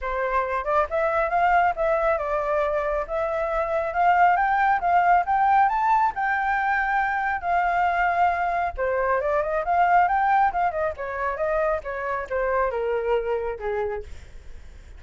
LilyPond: \new Staff \with { instrumentName = "flute" } { \time 4/4 \tempo 4 = 137 c''4. d''8 e''4 f''4 | e''4 d''2 e''4~ | e''4 f''4 g''4 f''4 | g''4 a''4 g''2~ |
g''4 f''2. | c''4 d''8 dis''8 f''4 g''4 | f''8 dis''8 cis''4 dis''4 cis''4 | c''4 ais'2 gis'4 | }